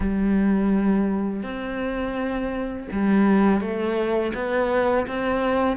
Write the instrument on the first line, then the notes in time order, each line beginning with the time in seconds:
cello
0.00 G3
1.43 C4
2.91 G3
3.60 A3
4.34 B3
5.07 C4